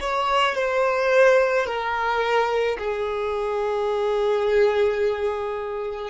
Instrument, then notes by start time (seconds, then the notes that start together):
violin
0.00 C#5
0.55 C5
1.66 A#4
2.78 G#4